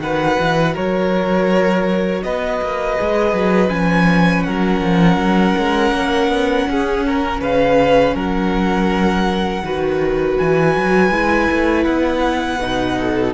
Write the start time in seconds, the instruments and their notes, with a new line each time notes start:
0.00 cello D#3, viola F#4, violin B4 F#5
0.40 cello E3
0.74 cello F#3, violin A#4 C#5
2.24 cello B3, violin B4 D#5
2.62 cello A#3
2.97 cello G#3, viola G#4
3.33 cello F#3
3.69 cello F3, viola C#4, violin G#5
4.44 cello F#3, violin A#4 F#5
4.81 cello F3
5.17 cello F#3
5.58 cello G#3
5.92 cello A#3
6.29 cello B3
6.68 cello C#4, violin G#4
7.07 violin A#4
7.41 cello C#3, violin B4 F5
8.15 cello F#3, violin A#4 F#5
9.63 cello D#3, viola F#4, violin B4
10.38 cello E3, violin G#5
10.77 cello F#3
11.11 cello G#3, viola E4
11.51 cello A3
11.84 cello B3, violin F#5
12.60 cello B2, viola D#4
12.98 violin A4